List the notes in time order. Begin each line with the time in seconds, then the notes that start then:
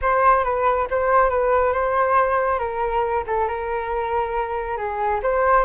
0.01 C5
0.43 B4
0.90 C5
1.29 B4
1.72 C5
2.58 A#4
3.26 A4
3.48 A#4
4.77 G#4
5.23 C5